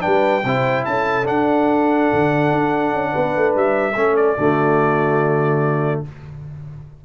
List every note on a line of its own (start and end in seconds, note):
0.00 0.43 G3
0.00 0.41 D4
0.00 0.44 B4
0.00 0.84 G5
0.43 0.85 C3
0.43 1.24 E4
0.43 0.85 C5
0.85 1.28 C#4
0.85 3.11 A4
0.85 1.26 A5
1.24 3.93 D4
1.24 2.10 D4
1.24 3.54 F#5
2.12 2.51 D3
2.51 2.92 D4
2.92 3.13 C#4
3.11 3.36 B3
3.11 3.94 B4
3.36 3.55 A3
3.55 3.95 G3
3.55 4.16 E5
3.95 4.36 A3
3.95 4.37 C#4
3.95 4.37 A4
4.16 6.02 D5
4.37 6.03 D3
4.37 6.05 A3
4.37 6.03 F#4